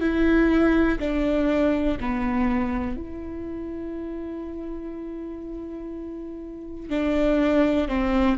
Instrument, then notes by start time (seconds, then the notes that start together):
viola
0.00 E4
0.99 D4
2.00 B3
2.96 E4
6.89 D4
7.88 C4